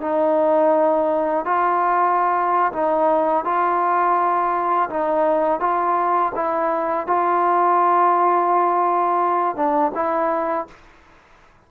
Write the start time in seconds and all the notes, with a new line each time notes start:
0.00 D#4
1.45 F4
2.72 D#4
3.44 F4
4.89 D#4
5.60 F4
6.35 E4
7.06 F4
9.56 D4
9.94 E4